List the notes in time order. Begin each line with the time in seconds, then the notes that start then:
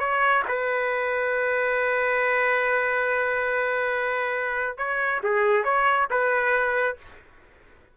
0.00 C#5
0.48 B4
4.78 C#5
5.23 G#4
5.64 C#5
6.11 B4